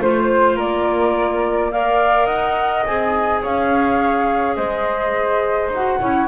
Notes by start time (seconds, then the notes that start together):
0.00 A3 F4 C5
0.55 A#3 A#4 D5
1.72 A#4 D5 F5
2.25 D#4 D#5 F#5
2.86 C4 G#4 G#5
3.42 C#4 C#5 F5
4.55 G#3 C5 D#5
5.68 D#4
5.74 F#4 F#5
5.99 C#4 E4 C#5